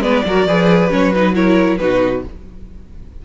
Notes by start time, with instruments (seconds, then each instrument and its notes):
0.00 cello G#3, viola B3, violin B4 D5
0.26 cello F#3, viola F#4, violin A#4
0.46 cello F3, viola G#4, violin B4
0.90 cello F#3, viola C#4, violin C#5
1.13 viola D#4, violin B4
1.34 viola E4, violin A#4 C#5
1.78 cello B2, viola D#4, violin F#4 B4